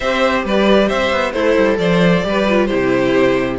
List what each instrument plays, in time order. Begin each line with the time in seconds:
0.00 cello C4, viola G4, violin C5 E5
0.44 cello G3, violin B4 D5
0.88 cello C4, violin C5 E5
1.11 cello B3
1.31 cello A3, violin E4 C5, viola A4
1.56 cello G3
1.78 cello F3, violin C5 D5
2.23 cello G3, viola G4, violin B4
2.49 viola F4
2.65 viola E4, violin G4 C5
2.72 cello C3